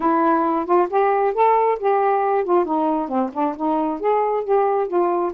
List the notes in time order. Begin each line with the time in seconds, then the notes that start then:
0.00 E4
0.65 F4
0.89 G4
1.33 A4
1.79 G4
2.44 F4
2.65 D#4
3.08 C4
3.33 D4
3.56 D#4
4.00 G#4
4.43 G4
4.87 F4